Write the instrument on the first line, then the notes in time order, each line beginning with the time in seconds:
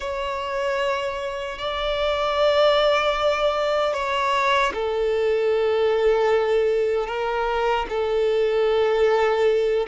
violin
0.00 C#5
1.58 D5
3.93 C#5
4.74 A4
7.07 A#4
7.89 A4